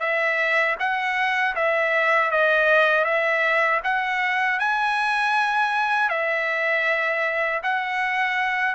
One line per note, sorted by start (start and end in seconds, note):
0.00 0.76 E5
0.79 1.55 F#5
1.56 2.31 E5
2.31 3.05 D#5
3.05 3.81 E5
3.84 4.59 F#5
4.59 6.10 G#5
6.10 7.62 E5
7.63 8.75 F#5